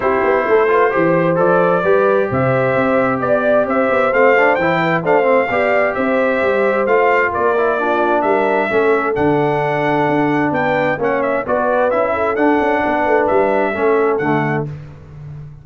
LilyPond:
<<
  \new Staff \with { instrumentName = "trumpet" } { \time 4/4 \tempo 4 = 131 c''2. d''4~ | d''4 e''2 d''4 | e''4 f''4 g''4 f''4~ | f''4 e''2 f''4 |
d''2 e''2 | fis''2. g''4 | fis''8 e''8 d''4 e''4 fis''4~ | fis''4 e''2 fis''4 | }
  \new Staff \with { instrumentName = "horn" } { \time 4/4 g'4 a'8 b'8 c''2 | b'4 c''2 d''4 | c''2~ c''8 b'8 c''4 | d''4 c''2. |
ais'4 f'4 ais'4 a'4~ | a'2. b'4 | cis''4 b'4. a'4. | b'2 a'2 | }
  \new Staff \with { instrumentName = "trombone" } { \time 4/4 e'4. f'8 g'4 a'4 | g'1~ | g'4 c'8 d'8 e'4 d'8 c'8 | g'2. f'4~ |
f'8 e'8 d'2 cis'4 | d'1 | cis'4 fis'4 e'4 d'4~ | d'2 cis'4 a4 | }
  \new Staff \with { instrumentName = "tuba" } { \time 4/4 c'8 b8 a4 e4 f4 | g4 c4 c'4 b4 | c'8 b8 a4 e4 a4 | b4 c'4 g4 a4 |
ais2 g4 a4 | d2 d'4 b4 | ais4 b4 cis'4 d'8 cis'8 | b8 a8 g4 a4 d4 | }
>>